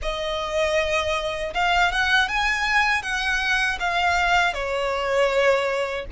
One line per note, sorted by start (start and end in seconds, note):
0.01 1.53 D#5
1.54 1.91 F5
1.91 2.28 F#5
2.28 3.02 G#5
3.02 3.78 F#5
3.79 4.53 F5
4.53 6.05 C#5